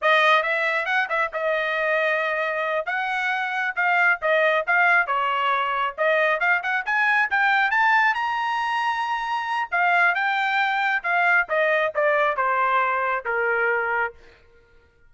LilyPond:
\new Staff \with { instrumentName = "trumpet" } { \time 4/4 \tempo 4 = 136 dis''4 e''4 fis''8 e''8 dis''4~ | dis''2~ dis''8 fis''4.~ | fis''8 f''4 dis''4 f''4 cis''8~ | cis''4. dis''4 f''8 fis''8 gis''8~ |
gis''8 g''4 a''4 ais''4.~ | ais''2 f''4 g''4~ | g''4 f''4 dis''4 d''4 | c''2 ais'2 | }